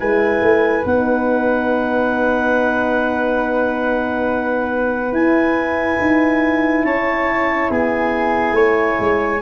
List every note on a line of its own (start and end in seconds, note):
0.00 0.41 G#3
0.00 0.85 E4
0.00 6.86 B4
0.00 0.86 G#5
0.41 0.84 A3
0.85 5.12 B3
0.85 5.13 D#4
0.85 5.14 F#5
5.12 5.98 E4
5.12 9.41 E4
5.12 6.84 G#5
6.00 6.84 D#4
6.84 7.70 C#4
6.84 7.71 C#5
6.84 7.70 A5
7.71 8.53 B3
7.71 8.56 G#4
7.71 9.42 G#5
8.53 8.96 A3
8.53 9.42 C#5
9.00 9.42 G#3